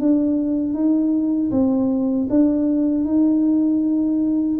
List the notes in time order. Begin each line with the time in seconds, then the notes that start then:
0.00 D4
0.74 D#4
1.51 C4
2.30 D4
3.05 D#4